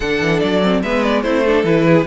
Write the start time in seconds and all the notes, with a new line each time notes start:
0.00 D3 D4 A4 F#5
0.20 E3
0.39 F#3 D5
0.62 C4
0.82 G#3 B3 B4 E5
1.03 D5
1.22 A3 C4 E4 C5
1.45 D4 A4
1.64 E3 E4 B4
1.86 G#4